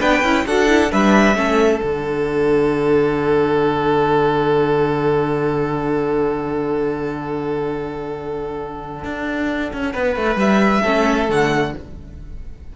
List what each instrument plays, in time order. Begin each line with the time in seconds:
0.00 cello B3, viola D4, violin B4 G5
0.22 cello C#4, viola E4
0.46 cello D4, viola F#4, violin A4 F#5
0.67 viola E4
0.91 cello G3, viola D4, violin B4 E5
1.35 cello A3, viola C#4, violin A4
1.80 cello D3, viola D4, violin F#5
9.05 cello D4
9.73 cello C#4
9.93 cello B3, violin B4
10.16 cello A3
10.36 cello G3, violin E5
10.82 cello A3, viola C#4, violin A4
11.29 cello D3, viola A3, violin F#5